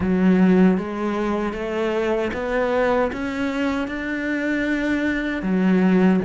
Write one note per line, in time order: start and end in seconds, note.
0.00 0.77 F#3
0.77 1.53 G#3
1.53 2.31 A3
2.33 3.11 B3
3.12 3.87 C#4
3.87 5.42 D4
5.42 6.20 F#3